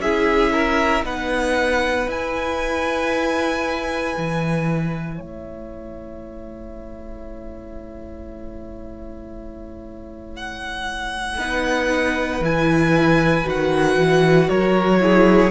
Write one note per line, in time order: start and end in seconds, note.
0.00 1.03 C#4
0.00 1.04 E4
0.00 0.53 G#4
0.00 1.05 E5
0.53 1.05 A#4
1.04 2.07 B3
1.04 2.07 D#4
1.04 5.16 B4
1.04 2.10 F#5
2.07 4.14 E4
2.07 11.38 E4
2.07 5.21 G#5
4.18 5.19 E3
5.16 11.38 A3
5.16 11.37 C#5
5.16 10.37 E5
10.37 12.44 F#5
11.38 12.41 B3
11.38 12.43 D#4
11.38 14.48 B4
12.41 13.44 E3
12.41 13.45 E4
12.41 13.49 G#5
13.45 13.97 D#3
13.45 15.00 F#4
13.45 14.49 F#5
13.97 14.48 E3
14.48 15.51 F#3
14.48 15.00 A#4
14.48 15.51 C#5
15.01 15.51 E4
15.01 15.51 G#4